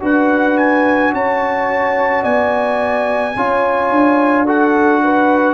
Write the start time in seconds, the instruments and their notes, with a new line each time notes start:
0.00 tuba D4, trombone F#4, horn B4, trumpet F#5
0.57 trumpet G#5
1.13 tuba C#4, horn C#5, trumpet A5
2.23 tuba B3, horn D5, trumpet G#5
3.36 tuba C#4, trombone F4, horn C#5
3.91 tuba D4
4.45 trombone F#4, horn A4, trumpet F#5
5.03 horn B4